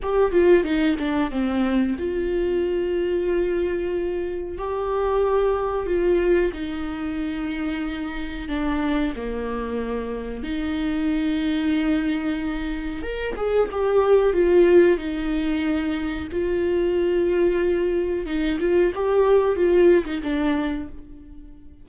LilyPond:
\new Staff \with { instrumentName = "viola" } { \time 4/4 \tempo 4 = 92 g'8 f'8 dis'8 d'8 c'4 f'4~ | f'2. g'4~ | g'4 f'4 dis'2~ | dis'4 d'4 ais2 |
dis'1 | ais'8 gis'8 g'4 f'4 dis'4~ | dis'4 f'2. | dis'8 f'8 g'4 f'8. dis'16 d'4 | }